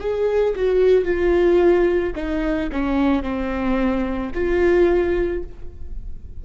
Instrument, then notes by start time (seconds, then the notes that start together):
viola
0.00 G#4
0.56 F#4
1.05 F4
2.15 D#4
2.72 C#4
3.23 C4
4.34 F4